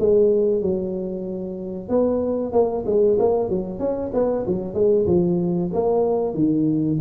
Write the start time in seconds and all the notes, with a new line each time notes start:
0.00 G#3
0.62 F#3
1.89 B3
2.53 A#3
2.86 G#3
3.19 A#3
3.49 F#3
3.79 C#4
4.14 B3
4.47 F#3
4.74 G#3
5.07 F3
5.73 A#3
6.35 D#3